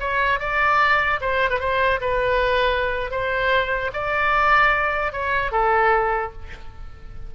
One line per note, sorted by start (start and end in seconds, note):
0.00 0.39 C#5
0.39 1.20 D5
1.20 1.50 C5
1.50 1.59 B4
1.59 2.00 C5
2.01 3.10 B4
3.10 3.91 C5
3.93 5.12 D5
5.12 5.51 C#5
5.51 6.32 A4